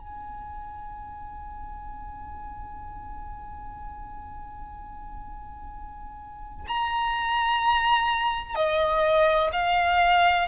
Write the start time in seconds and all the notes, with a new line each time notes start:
0.00 G#5
6.68 A#5
8.56 D#5
9.53 F5